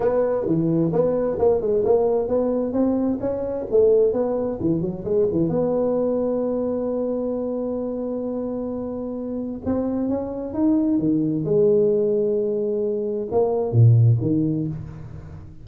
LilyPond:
\new Staff \with { instrumentName = "tuba" } { \time 4/4 \tempo 4 = 131 b4 e4 b4 ais8 gis8 | ais4 b4 c'4 cis'4 | a4 b4 e8 fis8 gis8 e8 | b1~ |
b1~ | b4 c'4 cis'4 dis'4 | dis4 gis2.~ | gis4 ais4 ais,4 dis4 | }